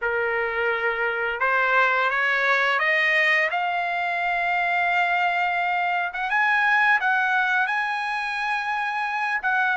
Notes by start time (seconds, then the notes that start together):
0.01 A#4
1.40 C5
2.09 C#5
2.79 D#5
3.50 F5
6.13 F#5
6.29 G#5
7.00 F#5
7.66 G#5
9.42 F#5